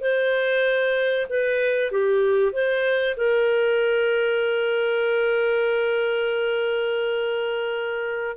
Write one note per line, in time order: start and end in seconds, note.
0.00 1.26 C5
1.29 1.91 B4
1.91 2.52 G4
2.52 3.15 C5
3.16 8.36 A#4